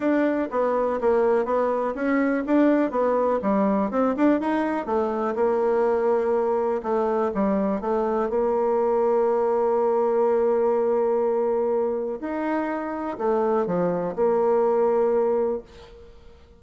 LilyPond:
\new Staff \with { instrumentName = "bassoon" } { \time 4/4 \tempo 4 = 123 d'4 b4 ais4 b4 | cis'4 d'4 b4 g4 | c'8 d'8 dis'4 a4 ais4~ | ais2 a4 g4 |
a4 ais2.~ | ais1~ | ais4 dis'2 a4 | f4 ais2. | }